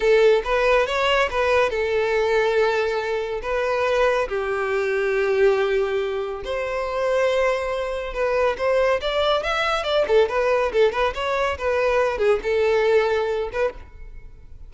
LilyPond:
\new Staff \with { instrumentName = "violin" } { \time 4/4 \tempo 4 = 140 a'4 b'4 cis''4 b'4 | a'1 | b'2 g'2~ | g'2. c''4~ |
c''2. b'4 | c''4 d''4 e''4 d''8 a'8 | b'4 a'8 b'8 cis''4 b'4~ | b'8 gis'8 a'2~ a'8 b'8 | }